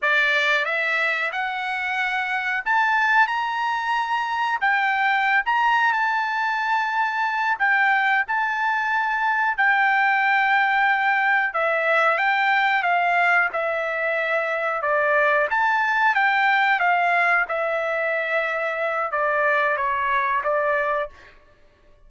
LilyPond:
\new Staff \with { instrumentName = "trumpet" } { \time 4/4 \tempo 4 = 91 d''4 e''4 fis''2 | a''4 ais''2 g''4~ | g''16 ais''8. a''2~ a''8 g''8~ | g''8 a''2 g''4.~ |
g''4. e''4 g''4 f''8~ | f''8 e''2 d''4 a''8~ | a''8 g''4 f''4 e''4.~ | e''4 d''4 cis''4 d''4 | }